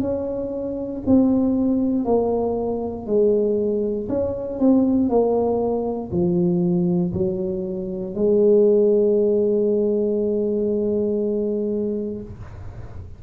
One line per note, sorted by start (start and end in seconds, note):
0.00 1.02 C#4
1.06 2.04 C4
2.04 3.06 A#3
3.06 4.08 G#3
4.08 4.59 C#4
4.59 5.09 C4
5.09 6.11 A#3
6.11 7.12 F3
7.13 8.14 F#3
8.14 12.21 G#3